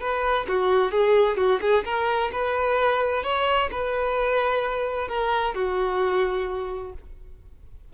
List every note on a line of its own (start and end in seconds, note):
0.00 0.46 B4
0.48 0.91 F#4
0.91 1.37 G#4
1.37 1.60 F#4
1.61 1.84 G#4
1.84 2.31 A#4
2.32 3.23 B4
3.23 3.69 C#5
3.71 5.08 B4
5.08 5.54 A#4
5.54 6.93 F#4